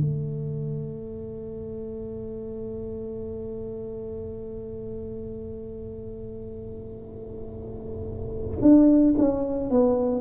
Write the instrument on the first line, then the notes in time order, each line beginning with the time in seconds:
tuba
0.00 A3
8.61 D4
9.18 C#4
9.70 B3